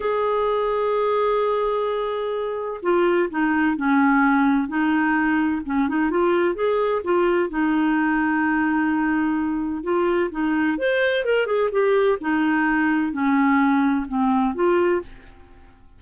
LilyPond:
\new Staff \with { instrumentName = "clarinet" } { \time 4/4 \tempo 4 = 128 gis'1~ | gis'2 f'4 dis'4 | cis'2 dis'2 | cis'8 dis'8 f'4 gis'4 f'4 |
dis'1~ | dis'4 f'4 dis'4 c''4 | ais'8 gis'8 g'4 dis'2 | cis'2 c'4 f'4 | }